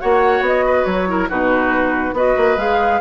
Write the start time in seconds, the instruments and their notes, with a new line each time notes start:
0.00 bassoon A#3, clarinet F#4, oboe C#5, flute F#5
0.40 bassoon B3, flute D#5
0.65 oboe B4
0.85 bassoon F#3, flute C#5
1.07 clarinet E4, oboe A#4
1.29 bassoon B2, clarinet D#4, oboe F#4, flute B4
2.13 bassoon B3, clarinet F#4, oboe B4, flute D#5
2.37 bassoon A#3
2.57 bassoon G#3, clarinet G#4, flute F5